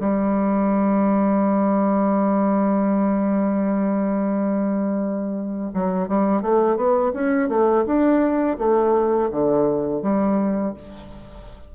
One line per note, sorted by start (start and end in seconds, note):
0.00 5.71 G3
5.74 6.08 F#3
6.08 6.42 G3
6.42 6.77 A3
6.77 7.12 B3
7.14 7.49 C#4
7.49 7.85 A3
7.86 8.58 D4
8.59 9.30 A3
9.31 10.03 D3
10.03 10.74 G3